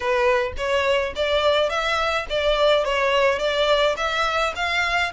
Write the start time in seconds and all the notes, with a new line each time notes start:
0.00 B4
0.57 C#5
1.15 D5
1.69 E5
2.29 D5
2.84 C#5
3.39 D5
3.96 E5
4.55 F5